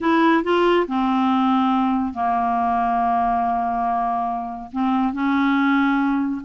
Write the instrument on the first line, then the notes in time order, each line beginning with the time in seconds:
clarinet
0.00 E4
0.43 F4
0.87 C4
2.13 A#3
4.71 C4
5.13 C#4